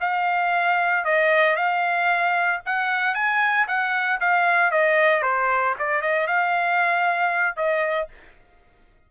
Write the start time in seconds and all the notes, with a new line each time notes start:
0.00 F5
1.04 D#5
1.56 F5
2.65 F#5
3.14 G#5
3.67 F#5
4.20 F5
4.71 D#5
5.22 C5
5.78 D5
6.01 D#5
6.27 F5
7.56 D#5